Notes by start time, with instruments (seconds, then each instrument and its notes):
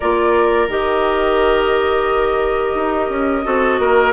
0.00 bassoon A#3, clarinet F4, oboe A#4, flute D5
0.68 bassoon D#3, clarinet G4, flute D#5
2.74 bassoon D#4
3.09 bassoon C#4
3.44 bassoon C4, clarinet F#4, oboe A4
3.79 bassoon A#3, oboe A#4